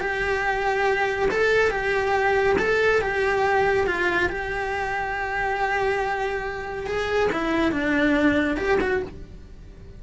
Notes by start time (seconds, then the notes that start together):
0.00 G4
1.30 A4
1.70 G4
2.58 A4
3.01 G4
3.86 F4
4.29 G4
6.86 G#4
7.32 E4
7.71 D4
8.57 G4
8.81 F#4